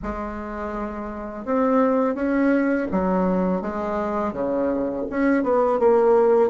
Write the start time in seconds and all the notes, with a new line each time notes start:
0.02 G#3
1.45 C4
2.15 C#4
2.91 F#3
3.61 G#3
4.32 C#3
5.10 C#4
5.42 B3
5.79 A#3